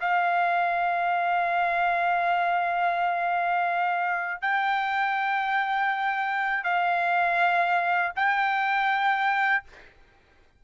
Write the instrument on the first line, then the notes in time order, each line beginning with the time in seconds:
trumpet
0.00 F5
4.41 G5
6.64 F5
8.15 G5